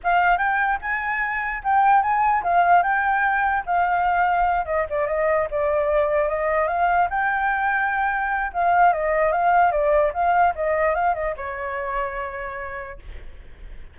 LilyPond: \new Staff \with { instrumentName = "flute" } { \time 4/4 \tempo 4 = 148 f''4 g''4 gis''2 | g''4 gis''4 f''4 g''4~ | g''4 f''2~ f''8 dis''8 | d''8 dis''4 d''2 dis''8~ |
dis''8 f''4 g''2~ g''8~ | g''4 f''4 dis''4 f''4 | d''4 f''4 dis''4 f''8 dis''8 | cis''1 | }